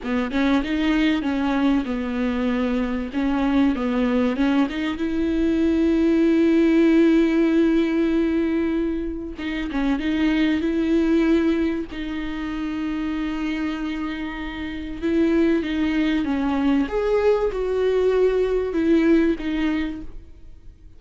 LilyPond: \new Staff \with { instrumentName = "viola" } { \time 4/4 \tempo 4 = 96 b8 cis'8 dis'4 cis'4 b4~ | b4 cis'4 b4 cis'8 dis'8 | e'1~ | e'2. dis'8 cis'8 |
dis'4 e'2 dis'4~ | dis'1 | e'4 dis'4 cis'4 gis'4 | fis'2 e'4 dis'4 | }